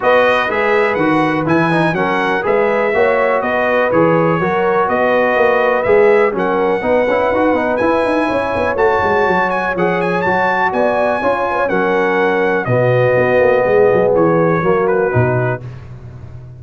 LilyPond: <<
  \new Staff \with { instrumentName = "trumpet" } { \time 4/4 \tempo 4 = 123 dis''4 e''4 fis''4 gis''4 | fis''4 e''2 dis''4 | cis''2 dis''2 | e''4 fis''2. |
gis''2 a''4. gis''8 | fis''8 gis''8 a''4 gis''2 | fis''2 dis''2~ | dis''4 cis''4. b'4. | }
  \new Staff \with { instrumentName = "horn" } { \time 4/4 b'1 | ais'4 b'4 cis''4 b'4~ | b'4 ais'4 b'2~ | b'4 ais'4 b'2~ |
b'4 cis''2.~ | cis''2 d''4 cis''8 b'16 cis''16 | ais'2 fis'2 | gis'2 fis'2 | }
  \new Staff \with { instrumentName = "trombone" } { \time 4/4 fis'4 gis'4 fis'4 e'8 dis'8 | cis'4 gis'4 fis'2 | gis'4 fis'2. | gis'4 cis'4 dis'8 e'8 fis'8 dis'8 |
e'2 fis'2 | gis'4 fis'2 f'4 | cis'2 b2~ | b2 ais4 dis'4 | }
  \new Staff \with { instrumentName = "tuba" } { \time 4/4 b4 gis4 dis4 e4 | fis4 gis4 ais4 b4 | e4 fis4 b4 ais4 | gis4 fis4 b8 cis'8 dis'8 b8 |
e'8 dis'8 cis'8 b8 a8 gis8 fis4 | f4 fis4 b4 cis'4 | fis2 b,4 b8 ais8 | gis8 fis8 e4 fis4 b,4 | }
>>